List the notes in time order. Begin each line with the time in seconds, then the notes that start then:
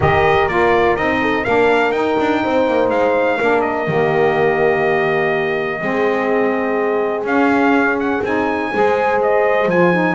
0.00 D#3 G4 A#4 D#5
0.48 A#3 F4 D5
0.96 C4 D#4 D#5
1.21 A4
1.44 A#3 D4 A#4 F5
1.91 D#4 G5
2.20 D4
2.43 C4 C5
2.67 A#3
2.89 G#3 F5
3.40 A#3 D4 A#4
3.61 D#5
3.87 D#3 A#3 G4
5.80 G#3 C4 G#4
7.24 C#4 F5
7.99 F#5
8.23 C4 D#4 G#5
8.71 G#3 G#4 C5
9.22 D#5
9.66 F3 F4 G#5
9.92 D#4